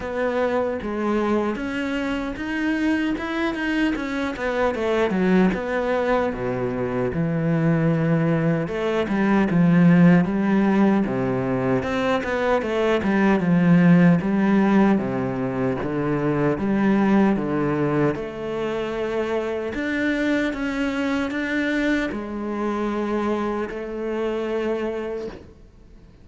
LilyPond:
\new Staff \with { instrumentName = "cello" } { \time 4/4 \tempo 4 = 76 b4 gis4 cis'4 dis'4 | e'8 dis'8 cis'8 b8 a8 fis8 b4 | b,4 e2 a8 g8 | f4 g4 c4 c'8 b8 |
a8 g8 f4 g4 c4 | d4 g4 d4 a4~ | a4 d'4 cis'4 d'4 | gis2 a2 | }